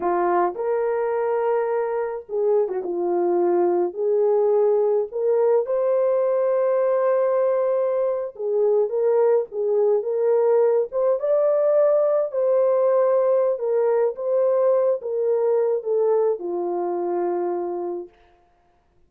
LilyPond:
\new Staff \with { instrumentName = "horn" } { \time 4/4 \tempo 4 = 106 f'4 ais'2. | gis'8. fis'16 f'2 gis'4~ | gis'4 ais'4 c''2~ | c''2~ c''8. gis'4 ais'16~ |
ais'8. gis'4 ais'4. c''8 d''16~ | d''4.~ d''16 c''2~ c''16 | ais'4 c''4. ais'4. | a'4 f'2. | }